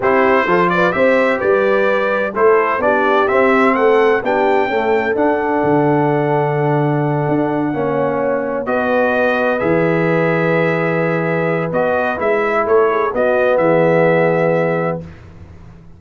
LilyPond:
<<
  \new Staff \with { instrumentName = "trumpet" } { \time 4/4 \tempo 4 = 128 c''4. d''8 e''4 d''4~ | d''4 c''4 d''4 e''4 | fis''4 g''2 fis''4~ | fis''1~ |
fis''2~ fis''8 dis''4.~ | dis''8 e''2.~ e''8~ | e''4 dis''4 e''4 cis''4 | dis''4 e''2. | }
  \new Staff \with { instrumentName = "horn" } { \time 4/4 g'4 a'8 b'8 c''4 b'4~ | b'4 a'4 g'2 | a'4 g'4 a'2~ | a'1~ |
a'8 cis''2 b'4.~ | b'1~ | b'2. a'8 gis'8 | fis'4 gis'2. | }
  \new Staff \with { instrumentName = "trombone" } { \time 4/4 e'4 f'4 g'2~ | g'4 e'4 d'4 c'4~ | c'4 d'4 a4 d'4~ | d'1~ |
d'8 cis'2 fis'4.~ | fis'8 gis'2.~ gis'8~ | gis'4 fis'4 e'2 | b1 | }
  \new Staff \with { instrumentName = "tuba" } { \time 4/4 c'4 f4 c'4 g4~ | g4 a4 b4 c'4 | a4 b4 cis'4 d'4 | d2.~ d8 d'8~ |
d'8 ais2 b4.~ | b8 e2.~ e8~ | e4 b4 gis4 a4 | b4 e2. | }
>>